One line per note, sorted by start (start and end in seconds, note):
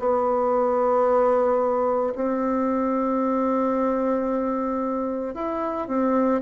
0.00 2.14 B3
2.16 5.35 C4
5.35 5.88 E4
5.88 6.42 C4